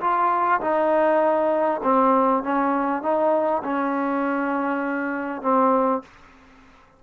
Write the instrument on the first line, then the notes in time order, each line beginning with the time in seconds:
trombone
0.00 F4
0.61 D#4
1.83 C4
2.43 C#4
3.02 D#4
3.64 C#4
5.42 C4